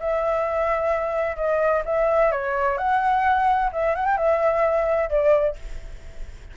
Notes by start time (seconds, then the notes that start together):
0.00 E5
1.37 D#5
1.85 E5
2.32 C#5
2.78 F#5
3.73 E5
3.95 F#5
4.05 G5
4.17 E5
5.10 D5